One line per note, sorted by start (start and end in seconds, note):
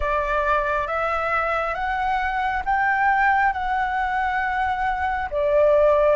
0.00 0.87 D5
0.87 1.74 E5
1.74 2.62 F#5
2.65 3.53 G5
3.53 5.29 F#5
5.30 6.16 D5